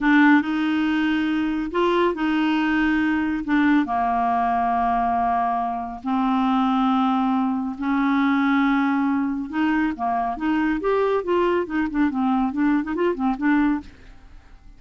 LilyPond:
\new Staff \with { instrumentName = "clarinet" } { \time 4/4 \tempo 4 = 139 d'4 dis'2. | f'4 dis'2. | d'4 ais2.~ | ais2 c'2~ |
c'2 cis'2~ | cis'2 dis'4 ais4 | dis'4 g'4 f'4 dis'8 d'8 | c'4 d'8. dis'16 f'8 c'8 d'4 | }